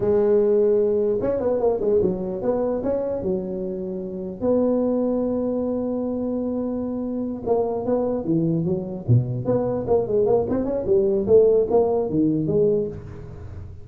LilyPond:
\new Staff \with { instrumentName = "tuba" } { \time 4/4 \tempo 4 = 149 gis2. cis'8 b8 | ais8 gis8 fis4 b4 cis'4 | fis2. b4~ | b1~ |
b2~ b8 ais4 b8~ | b8 e4 fis4 b,4 b8~ | b8 ais8 gis8 ais8 c'8 cis'8 g4 | a4 ais4 dis4 gis4 | }